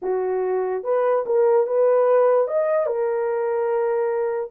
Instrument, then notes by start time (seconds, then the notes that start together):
horn
0.02 F#4
0.83 B4
1.26 A#4
1.66 B4
2.47 D#5
2.86 A#4